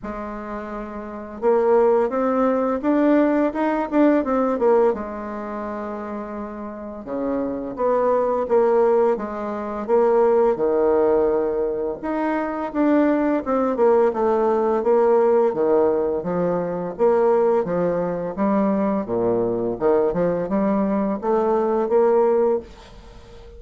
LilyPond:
\new Staff \with { instrumentName = "bassoon" } { \time 4/4 \tempo 4 = 85 gis2 ais4 c'4 | d'4 dis'8 d'8 c'8 ais8 gis4~ | gis2 cis4 b4 | ais4 gis4 ais4 dis4~ |
dis4 dis'4 d'4 c'8 ais8 | a4 ais4 dis4 f4 | ais4 f4 g4 ais,4 | dis8 f8 g4 a4 ais4 | }